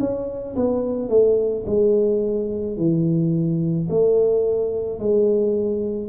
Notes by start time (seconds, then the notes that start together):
0.00 C#4
0.56 B3
1.09 A3
1.67 G#3
2.77 E3
3.90 A3
4.99 G#3